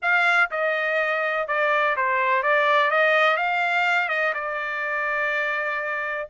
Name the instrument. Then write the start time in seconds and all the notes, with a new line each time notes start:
trumpet
0.02 F5
0.50 D#5
1.47 D5
1.96 C5
2.42 D5
2.91 D#5
3.36 F5
4.08 D#5
4.34 D5